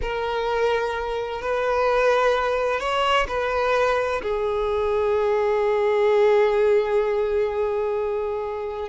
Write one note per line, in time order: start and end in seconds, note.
0.01 1.41 A#4
1.41 2.80 B4
2.80 3.26 C#5
3.27 4.21 B4
4.22 8.88 G#4